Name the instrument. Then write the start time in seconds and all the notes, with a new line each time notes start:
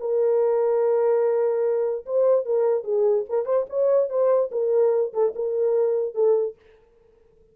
horn
0.00 A#4
2.05 C5
2.45 A#4
2.84 G#4
3.29 A#4
3.45 C5
3.69 C#5
4.09 C5
4.51 A#4
5.13 A4
5.35 A#4
6.15 A4